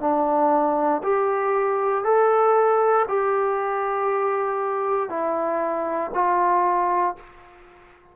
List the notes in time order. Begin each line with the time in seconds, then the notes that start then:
0.00 D4
1.03 G4
2.04 A4
3.08 G4
5.09 E4
6.14 F4